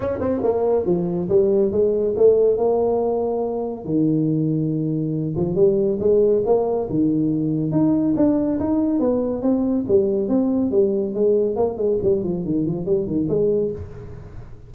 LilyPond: \new Staff \with { instrumentName = "tuba" } { \time 4/4 \tempo 4 = 140 cis'8 c'8 ais4 f4 g4 | gis4 a4 ais2~ | ais4 dis2.~ | dis8 f8 g4 gis4 ais4 |
dis2 dis'4 d'4 | dis'4 b4 c'4 g4 | c'4 g4 gis4 ais8 gis8 | g8 f8 dis8 f8 g8 dis8 gis4 | }